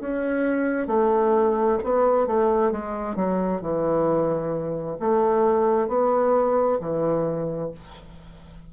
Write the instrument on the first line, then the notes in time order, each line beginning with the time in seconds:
bassoon
0.00 C#4
0.87 A3
1.83 B3
2.27 A3
2.71 G#3
3.16 F#3
3.61 E3
5.00 A3
5.88 B3
6.80 E3